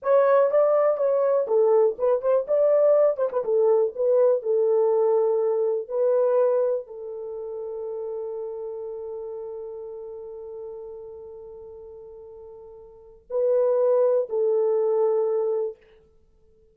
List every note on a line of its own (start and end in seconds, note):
0.02 0.50 C#5
0.50 0.97 D5
0.97 1.46 C#5
1.47 1.96 A4
1.98 2.21 B4
2.21 2.46 C5
2.47 3.16 D5
3.16 3.29 C5
3.32 3.44 B4
3.44 3.93 A4
3.95 4.42 B4
4.42 5.88 A4
5.88 6.86 B4
6.86 13.26 A4
13.30 14.28 B4
14.29 15.76 A4